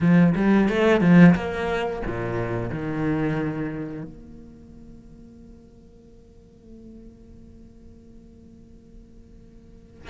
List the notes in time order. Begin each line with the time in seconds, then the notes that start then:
0.00 F3
0.35 G3
0.68 A3
1.01 F3
1.35 A#3
2.06 A#2
2.70 D#3
4.03 A#3